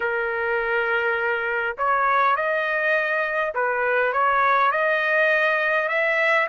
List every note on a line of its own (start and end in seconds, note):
0.00 1.76 A#4
1.77 2.36 C#5
2.36 3.53 D#5
3.54 4.12 B4
4.12 4.71 C#5
4.71 5.88 D#5
5.88 6.47 E5